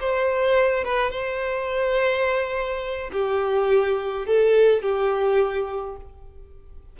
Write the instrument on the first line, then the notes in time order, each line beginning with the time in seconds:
violin
0.00 C5
0.84 B4
1.10 C5
3.12 G4
4.26 A4
4.82 G4